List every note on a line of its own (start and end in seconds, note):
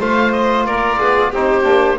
0.00 0.66 A3
0.00 1.34 F4
0.00 0.66 C5
0.00 0.32 F5
0.32 0.66 D#5
0.66 0.99 A#3
0.66 1.00 A#4
0.66 1.33 D5
1.00 1.33 B3
1.00 1.32 G#4
1.32 1.64 C4
1.32 1.63 D#4
1.32 1.99 G4
1.32 1.99 C5
1.63 1.98 A#3
1.63 1.97 D4